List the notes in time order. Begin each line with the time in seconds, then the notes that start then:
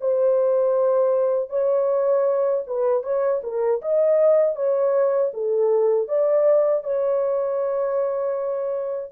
0.00 C5
1.49 C#5
2.67 B4
3.03 C#5
3.43 A#4
3.81 D#5
4.55 C#5
5.33 A4
6.08 D5
6.83 C#5